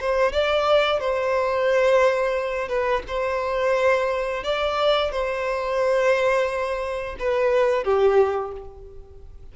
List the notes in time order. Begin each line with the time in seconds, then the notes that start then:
0.00 C5
0.33 D5
1.00 C5
2.69 B4
3.08 C5
4.43 D5
5.12 C5
7.19 B4
7.84 G4